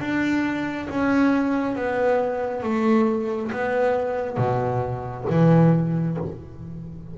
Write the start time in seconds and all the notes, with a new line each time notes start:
0.00 D4
0.89 C#4
1.76 B3
2.63 A3
3.52 B3
4.37 B2
5.30 E3